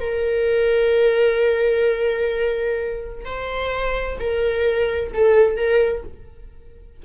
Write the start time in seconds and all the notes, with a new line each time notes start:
0.00 A#4
3.25 C5
4.19 A#4
5.13 A4
5.56 A#4